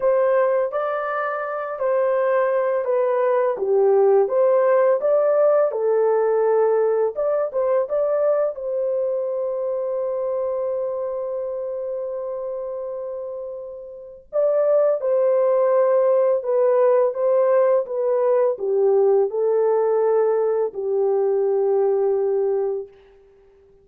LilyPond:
\new Staff \with { instrumentName = "horn" } { \time 4/4 \tempo 4 = 84 c''4 d''4. c''4. | b'4 g'4 c''4 d''4 | a'2 d''8 c''8 d''4 | c''1~ |
c''1 | d''4 c''2 b'4 | c''4 b'4 g'4 a'4~ | a'4 g'2. | }